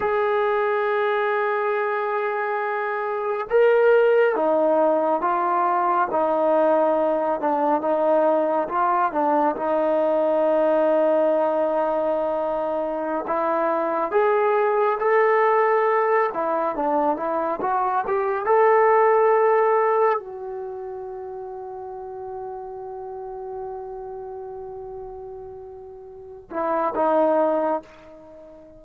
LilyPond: \new Staff \with { instrumentName = "trombone" } { \time 4/4 \tempo 4 = 69 gis'1 | ais'4 dis'4 f'4 dis'4~ | dis'8 d'8 dis'4 f'8 d'8 dis'4~ | dis'2.~ dis'16 e'8.~ |
e'16 gis'4 a'4. e'8 d'8 e'16~ | e'16 fis'8 g'8 a'2 fis'8.~ | fis'1~ | fis'2~ fis'8 e'8 dis'4 | }